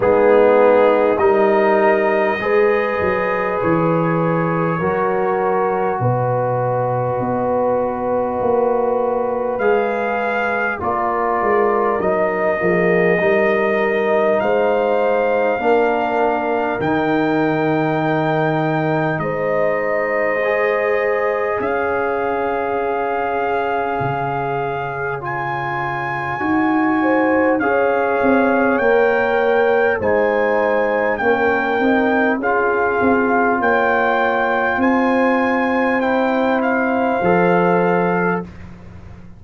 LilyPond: <<
  \new Staff \with { instrumentName = "trumpet" } { \time 4/4 \tempo 4 = 50 gis'4 dis''2 cis''4~ | cis''4 dis''2. | f''4 d''4 dis''2 | f''2 g''2 |
dis''2 f''2~ | f''4 gis''2 f''4 | g''4 gis''4 g''4 f''4 | g''4 gis''4 g''8 f''4. | }
  \new Staff \with { instrumentName = "horn" } { \time 4/4 dis'4 ais'4 b'2 | ais'4 b'2.~ | b'4 ais'4. gis'8 ais'4 | c''4 ais'2. |
c''2 cis''2~ | cis''2~ cis''8 c''8 cis''4~ | cis''4 c''4 ais'4 gis'4 | cis''4 c''2. | }
  \new Staff \with { instrumentName = "trombone" } { \time 4/4 b4 dis'4 gis'2 | fis'1 | gis'4 f'4 dis'8 ais8 dis'4~ | dis'4 d'4 dis'2~ |
dis'4 gis'2.~ | gis'4 f'4 fis'4 gis'4 | ais'4 dis'4 cis'8 dis'8 f'4~ | f'2 e'4 a'4 | }
  \new Staff \with { instrumentName = "tuba" } { \time 4/4 gis4 g4 gis8 fis8 e4 | fis4 b,4 b4 ais4 | gis4 ais8 gis8 fis8 f8 g4 | gis4 ais4 dis2 |
gis2 cis'2 | cis2 dis'4 cis'8 c'8 | ais4 gis4 ais8 c'8 cis'8 c'8 | ais4 c'2 f4 | }
>>